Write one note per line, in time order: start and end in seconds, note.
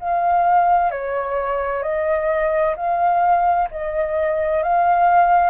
0.00 0.91 F5
0.91 1.83 C#5
1.83 2.75 D#5
2.77 3.69 F5
3.71 4.63 D#5
4.63 5.50 F5